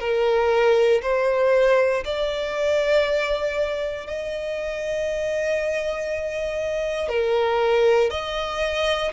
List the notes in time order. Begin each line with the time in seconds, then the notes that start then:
0.00 A#4
1.03 C5
2.05 D5
4.07 D#5
7.09 A#4
8.10 D#5